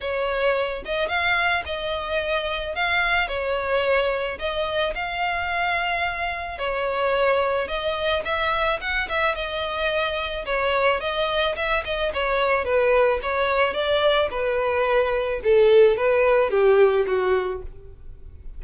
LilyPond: \new Staff \with { instrumentName = "violin" } { \time 4/4 \tempo 4 = 109 cis''4. dis''8 f''4 dis''4~ | dis''4 f''4 cis''2 | dis''4 f''2. | cis''2 dis''4 e''4 |
fis''8 e''8 dis''2 cis''4 | dis''4 e''8 dis''8 cis''4 b'4 | cis''4 d''4 b'2 | a'4 b'4 g'4 fis'4 | }